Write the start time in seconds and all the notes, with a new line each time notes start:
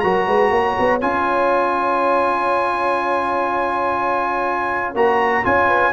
0.00 F#3 F#4 A#4 A#5
0.27 G#3 B4
0.51 A#3 C#5
0.79 B3
1.01 C#4 F4 G#5
4.95 A#3 F#4 A#5
5.44 C#4 F4 G#5
5.66 B4